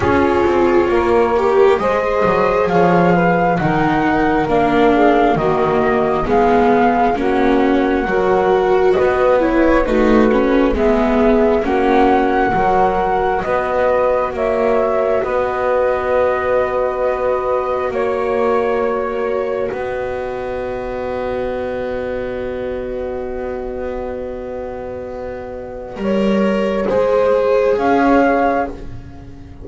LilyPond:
<<
  \new Staff \with { instrumentName = "flute" } { \time 4/4 \tempo 4 = 67 cis''2 dis''4 f''4 | fis''4 f''4 dis''4 f''4 | fis''2 dis''8 cis''8 b'4 | e''4 fis''2 dis''4 |
e''4 dis''2. | cis''2 dis''2~ | dis''1~ | dis''2. f''4 | }
  \new Staff \with { instrumentName = "saxophone" } { \time 4/4 gis'4 ais'4 c''4 cis''8 b'8 | ais'4. gis'8 fis'4 gis'4 | fis'4 ais'4 b'4 fis'4 | gis'4 fis'4 ais'4 b'4 |
cis''4 b'2. | cis''2 b'2~ | b'1~ | b'4 cis''4 c''4 cis''4 | }
  \new Staff \with { instrumentName = "viola" } { \time 4/4 f'4. g'8 gis'2 | dis'4 d'4 ais4 b4 | cis'4 fis'4. e'8 dis'8 cis'8 | b4 cis'4 fis'2~ |
fis'1~ | fis'1~ | fis'1~ | fis'4 ais'4 gis'2 | }
  \new Staff \with { instrumentName = "double bass" } { \time 4/4 cis'8 c'8 ais4 gis8 fis8 f4 | dis4 ais4 dis4 gis4 | ais4 fis4 b4 a4 | gis4 ais4 fis4 b4 |
ais4 b2. | ais2 b2~ | b1~ | b4 g4 gis4 cis'4 | }
>>